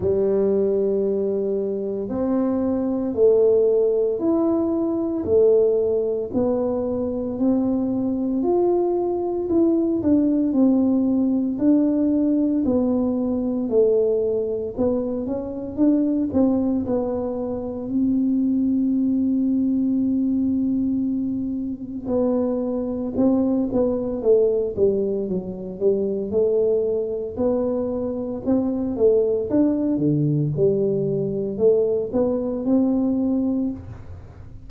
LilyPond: \new Staff \with { instrumentName = "tuba" } { \time 4/4 \tempo 4 = 57 g2 c'4 a4 | e'4 a4 b4 c'4 | f'4 e'8 d'8 c'4 d'4 | b4 a4 b8 cis'8 d'8 c'8 |
b4 c'2.~ | c'4 b4 c'8 b8 a8 g8 | fis8 g8 a4 b4 c'8 a8 | d'8 d8 g4 a8 b8 c'4 | }